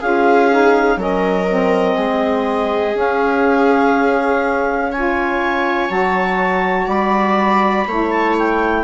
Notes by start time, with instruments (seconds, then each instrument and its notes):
0.00 bassoon C#4, saxophone F4, viola G#4, clarinet F5
0.50 saxophone D#4
0.97 bassoon F#3, saxophone C#4, viola A#4, clarinet D#5
1.48 saxophone C4
1.96 bassoon G#3, viola G#4
2.94 saxophone C#4, bassoon C#4, clarinet F5
4.92 saxophone F4, viola C#5, clarinet G#5
5.89 bassoon F#3, saxophone F#4, clarinet A5
6.87 bassoon G3, viola D5, clarinet B5
7.87 bassoon A3, saxophone E4, viola C#5
8.11 clarinet A5
8.38 clarinet G5